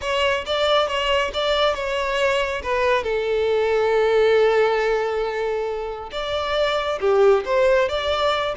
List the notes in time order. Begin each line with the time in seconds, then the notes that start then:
0.01 C#5
0.46 D5
0.87 C#5
1.33 D5
1.74 C#5
2.63 B4
3.03 A4
6.11 D5
7.00 G4
7.45 C5
7.89 D5